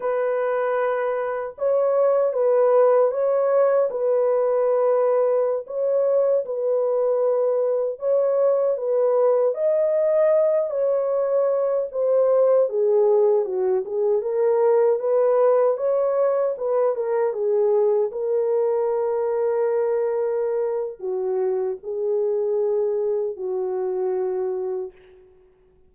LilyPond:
\new Staff \with { instrumentName = "horn" } { \time 4/4 \tempo 4 = 77 b'2 cis''4 b'4 | cis''4 b'2~ b'16 cis''8.~ | cis''16 b'2 cis''4 b'8.~ | b'16 dis''4. cis''4. c''8.~ |
c''16 gis'4 fis'8 gis'8 ais'4 b'8.~ | b'16 cis''4 b'8 ais'8 gis'4 ais'8.~ | ais'2. fis'4 | gis'2 fis'2 | }